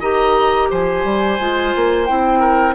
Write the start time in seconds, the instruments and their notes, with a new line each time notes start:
0.00 bassoon D#3, clarinet G4, oboe D#5, flute A#5
0.70 bassoon F3, oboe C5, flute G#5
1.04 bassoon G3
1.39 bassoon G#3, clarinet F4
1.76 bassoon A#3
2.05 bassoon C4, clarinet E4, flute G5
2.40 oboe A#4